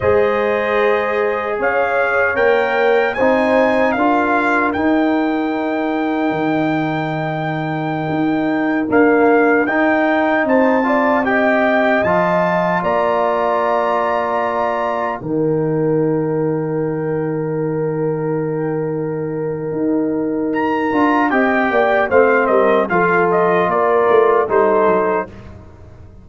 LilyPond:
<<
  \new Staff \with { instrumentName = "trumpet" } { \time 4/4 \tempo 4 = 76 dis''2 f''4 g''4 | gis''4 f''4 g''2~ | g''2.~ g''16 f''8.~ | f''16 g''4 a''4 g''4 a''8.~ |
a''16 ais''2. g''8.~ | g''1~ | g''2 ais''4 g''4 | f''8 dis''8 f''8 dis''8 d''4 c''4 | }
  \new Staff \with { instrumentName = "horn" } { \time 4/4 c''2 cis''2 | c''4 ais'2.~ | ais'1~ | ais'4~ ais'16 c''8 d''8 dis''4.~ dis''16~ |
dis''16 d''2. ais'8.~ | ais'1~ | ais'2. dis''8 d''8 | c''8 ais'8 a'4 ais'4 a'4 | }
  \new Staff \with { instrumentName = "trombone" } { \time 4/4 gis'2. ais'4 | dis'4 f'4 dis'2~ | dis'2.~ dis'16 ais8.~ | ais16 dis'4. f'8 g'4 f'8.~ |
f'2.~ f'16 dis'8.~ | dis'1~ | dis'2~ dis'8 f'8 g'4 | c'4 f'2 dis'4 | }
  \new Staff \with { instrumentName = "tuba" } { \time 4/4 gis2 cis'4 ais4 | c'4 d'4 dis'2 | dis2~ dis16 dis'4 d'8.~ | d'16 dis'4 c'2 f8.~ |
f16 ais2. dis8.~ | dis1~ | dis4 dis'4. d'8 c'8 ais8 | a8 g8 f4 ais8 a8 g8 fis8 | }
>>